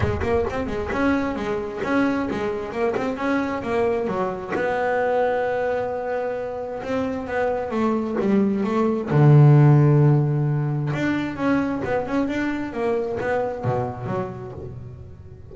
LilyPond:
\new Staff \with { instrumentName = "double bass" } { \time 4/4 \tempo 4 = 132 gis8 ais8 c'8 gis8 cis'4 gis4 | cis'4 gis4 ais8 c'8 cis'4 | ais4 fis4 b2~ | b2. c'4 |
b4 a4 g4 a4 | d1 | d'4 cis'4 b8 cis'8 d'4 | ais4 b4 b,4 fis4 | }